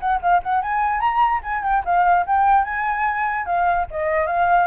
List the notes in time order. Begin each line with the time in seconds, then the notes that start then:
0.00 F#5
0.22 F5
0.43 F#5
0.62 G#5
1.00 A#5
1.43 G#5
1.63 G5
1.85 F5
2.26 G5
2.64 G#5
3.46 F5
3.91 D#5
4.26 F5